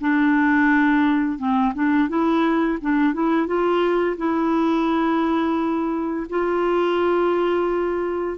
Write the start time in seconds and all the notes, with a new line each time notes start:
0.00 D4
1.38 C4
1.74 D4
2.08 E4
2.81 D4
3.13 E4
3.47 F4
4.17 E4
6.29 F4